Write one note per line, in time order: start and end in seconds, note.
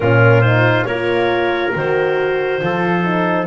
0.00 0.83 A#2
0.00 0.42 C#4
0.00 0.88 F4
0.00 0.41 A#4
0.41 0.86 D#4
0.41 0.84 C5
0.85 1.74 A#3
0.85 1.73 F4
0.85 2.62 A#4
0.85 1.72 C#5
1.73 2.62 D#3
1.73 2.60 F#4
1.73 3.47 C5
2.60 3.47 F3
2.60 3.04 F4
2.60 3.47 A4
3.04 3.47 D#4